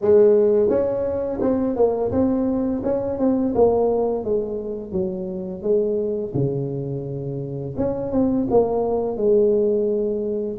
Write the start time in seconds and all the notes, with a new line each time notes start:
0.01 G#3
0.69 C#4
1.41 C4
1.76 A#3
2.11 C4
2.83 C#4
3.18 C4
3.55 A#3
4.24 G#3
4.92 F#3
5.62 G#3
6.33 C#3
7.76 C#4
8.11 C4
8.50 A#3
9.16 G#3